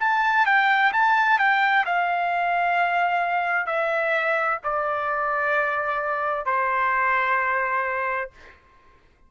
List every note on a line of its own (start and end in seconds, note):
0.00 0.46 A5
0.46 0.92 G5
0.93 1.39 A5
1.39 1.85 G5
1.85 3.66 F5
3.66 4.59 E5
4.64 6.46 D5
6.46 8.30 C5